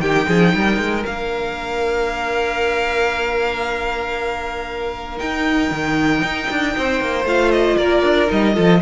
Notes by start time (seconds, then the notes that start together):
0.00 D#3 D#4 G4 G5
0.27 F3 G#4
0.54 G3 A#4
0.78 G#3
1.05 A#3 D4 F5
5.17 D#4 G5
5.71 D#3
6.22 D#4
6.50 D4
6.77 C4 C5
7.00 A#3
7.24 A3 F4 F5
7.51 D#5
7.77 A#3 A#4 D5
8.03 D4
8.27 G3 D#4 D#5
8.54 F3 F4 A4